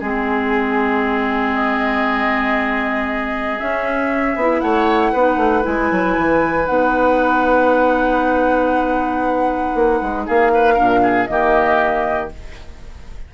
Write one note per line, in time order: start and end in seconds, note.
0.00 3.60 G#3
0.00 3.60 C4
0.00 4.62 G#4
0.00 1.54 G#4
1.54 3.59 D#5
3.59 4.37 C#4
3.59 4.36 C#4
3.59 4.61 E5
4.36 4.61 B3
4.36 5.17 E4
4.61 5.13 A3
4.61 5.12 C#5
4.61 5.63 F#5
5.12 5.37 B3
5.12 5.62 D#4
5.12 10.25 B4
5.37 5.62 A3
5.62 5.91 G#3
5.62 6.65 E4
5.62 6.66 G#5
5.91 6.17 F#3
6.17 6.68 E3
6.66 9.75 B3
6.66 10.76 D#4
6.66 10.25 F#5
9.75 10.00 A#3
10.02 10.27 G#3
10.26 10.79 A#3
10.26 10.52 G#4
10.26 11.26 F5
10.54 10.74 B4
10.74 11.30 A#2
10.74 11.27 D4
10.74 11.00 A#4
11.03 11.28 G#4
11.26 12.32 D#3
11.26 12.29 A#3
11.26 12.34 G4
11.26 12.29 D#5